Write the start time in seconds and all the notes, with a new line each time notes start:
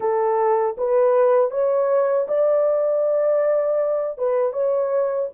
0.00 A4
0.77 B4
1.51 C#5
2.28 D5
4.17 B4
4.52 C#5